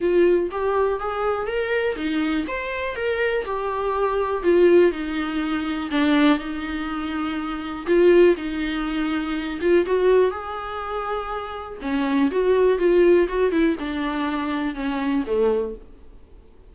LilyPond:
\new Staff \with { instrumentName = "viola" } { \time 4/4 \tempo 4 = 122 f'4 g'4 gis'4 ais'4 | dis'4 c''4 ais'4 g'4~ | g'4 f'4 dis'2 | d'4 dis'2. |
f'4 dis'2~ dis'8 f'8 | fis'4 gis'2. | cis'4 fis'4 f'4 fis'8 e'8 | d'2 cis'4 a4 | }